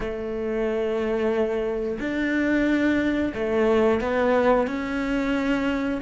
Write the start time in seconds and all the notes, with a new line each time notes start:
0.00 A3
1.99 D4
3.34 A3
4.01 B3
4.67 C#4